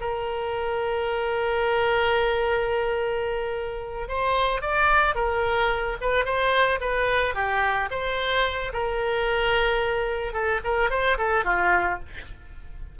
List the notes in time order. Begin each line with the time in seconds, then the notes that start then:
0.00 A#4
4.08 C5
4.61 D5
5.15 A#4
6.00 B4
6.25 C5
6.80 B4
7.34 G4
7.90 C5
8.73 A#4
10.32 A4
10.64 A#4
10.90 C5
11.17 A4
11.44 F4